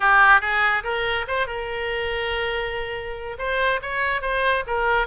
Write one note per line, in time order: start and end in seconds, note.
0.00 0.41 G4
0.41 0.83 G#4
0.83 1.26 A#4
1.27 1.47 C5
1.47 3.37 A#4
3.38 3.80 C5
3.81 4.21 C#5
4.21 4.63 C5
4.66 5.07 A#4